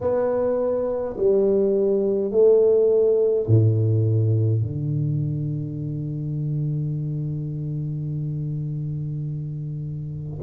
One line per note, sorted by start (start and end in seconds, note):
0.00 1.15 B3
1.16 2.31 G3
2.31 3.46 A3
3.47 4.62 A2
4.62 10.38 D3